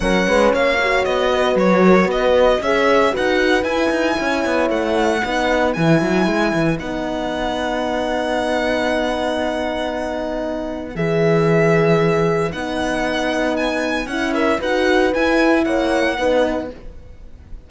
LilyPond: <<
  \new Staff \with { instrumentName = "violin" } { \time 4/4 \tempo 4 = 115 fis''4 f''4 dis''4 cis''4 | dis''4 e''4 fis''4 gis''4~ | gis''4 fis''2 gis''4~ | gis''4 fis''2.~ |
fis''1~ | fis''4 e''2. | fis''2 gis''4 fis''8 e''8 | fis''4 gis''4 fis''2 | }
  \new Staff \with { instrumentName = "horn" } { \time 4/4 ais'8 b'8 cis''4. b'4 ais'8 | b'4 cis''4 b'2 | cis''2 b'2~ | b'1~ |
b'1~ | b'1~ | b'2.~ b'8 ais'8 | b'2 cis''4 b'4 | }
  \new Staff \with { instrumentName = "horn" } { \time 4/4 cis'4. fis'2~ fis'8~ | fis'4 gis'4 fis'4 e'4~ | e'2 dis'4 e'4~ | e'4 dis'2.~ |
dis'1~ | dis'4 gis'2. | dis'2. e'4 | fis'4 e'2 dis'4 | }
  \new Staff \with { instrumentName = "cello" } { \time 4/4 fis8 gis8 ais4 b4 fis4 | b4 cis'4 dis'4 e'8 dis'8 | cis'8 b8 a4 b4 e8 fis8 | gis8 e8 b2.~ |
b1~ | b4 e2. | b2. cis'4 | dis'4 e'4 ais4 b4 | }
>>